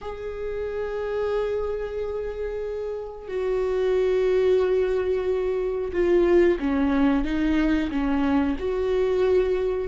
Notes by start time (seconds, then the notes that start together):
0.01 G#4
3.28 F#4
5.92 F4
6.59 C#4
7.24 D#4
7.90 C#4
8.58 F#4